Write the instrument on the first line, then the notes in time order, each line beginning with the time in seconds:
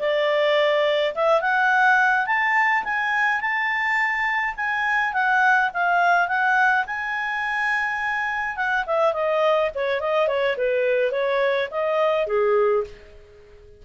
clarinet
0.00 D5
1.15 E5
1.41 F#5
2.26 A5
2.84 G#5
3.41 A5
4.57 G#5
5.13 F#5
5.74 F5
6.28 F#5
6.87 G#5
8.57 F#5
8.87 E5
9.13 D#5
9.75 C#5
10.01 D#5
10.28 C#5
10.58 B4
11.12 C#5
11.71 D#5
12.27 G#4